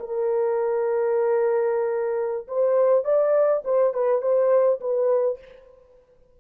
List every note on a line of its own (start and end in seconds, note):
0.00 2.48 A#4
2.48 3.05 C5
3.05 3.63 D5
3.65 3.94 C5
3.94 4.22 B4
4.22 4.80 C5
4.81 5.39 B4